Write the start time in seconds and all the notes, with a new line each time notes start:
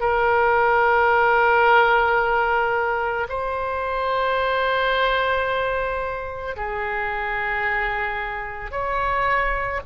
0.00 A#4
3.29 C5
6.57 G#4
8.71 C#5